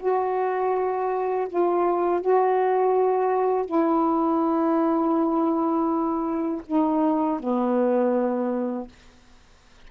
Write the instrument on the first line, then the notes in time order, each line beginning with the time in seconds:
saxophone
0.00 F#4
1.49 F4
2.22 F#4
3.66 E4
6.67 D#4
7.40 B3